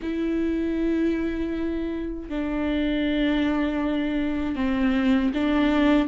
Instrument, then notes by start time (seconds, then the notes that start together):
viola
0.02 E4
2.29 D4
4.55 C4
5.34 D4